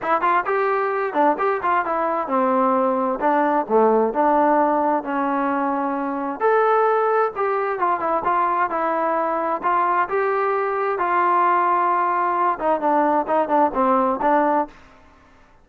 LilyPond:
\new Staff \with { instrumentName = "trombone" } { \time 4/4 \tempo 4 = 131 e'8 f'8 g'4. d'8 g'8 f'8 | e'4 c'2 d'4 | a4 d'2 cis'4~ | cis'2 a'2 |
g'4 f'8 e'8 f'4 e'4~ | e'4 f'4 g'2 | f'2.~ f'8 dis'8 | d'4 dis'8 d'8 c'4 d'4 | }